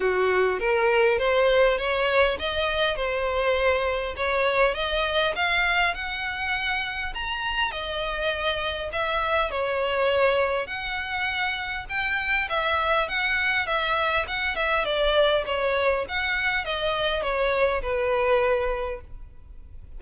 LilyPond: \new Staff \with { instrumentName = "violin" } { \time 4/4 \tempo 4 = 101 fis'4 ais'4 c''4 cis''4 | dis''4 c''2 cis''4 | dis''4 f''4 fis''2 | ais''4 dis''2 e''4 |
cis''2 fis''2 | g''4 e''4 fis''4 e''4 | fis''8 e''8 d''4 cis''4 fis''4 | dis''4 cis''4 b'2 | }